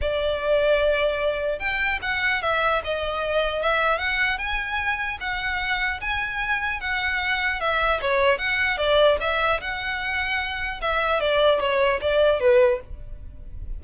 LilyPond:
\new Staff \with { instrumentName = "violin" } { \time 4/4 \tempo 4 = 150 d''1 | g''4 fis''4 e''4 dis''4~ | dis''4 e''4 fis''4 gis''4~ | gis''4 fis''2 gis''4~ |
gis''4 fis''2 e''4 | cis''4 fis''4 d''4 e''4 | fis''2. e''4 | d''4 cis''4 d''4 b'4 | }